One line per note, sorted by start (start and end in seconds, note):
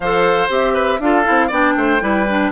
0.00 0.48 F3
0.00 0.49 A4
0.00 0.73 C5
0.00 0.49 F5
0.49 0.99 C4
0.49 0.99 G4
0.49 1.00 E5
0.73 0.98 B4
0.99 1.24 D4
0.99 1.24 F4
0.99 1.47 A4
0.99 1.51 F5
1.24 1.50 C4
1.24 1.49 E4
1.47 1.76 B3
1.47 2.00 D4
1.47 1.72 D5
1.47 2.51 G5
1.76 2.01 A3
1.76 2.02 C5
2.00 2.51 G3
2.00 2.25 E4
2.00 2.51 B4
2.28 2.51 D4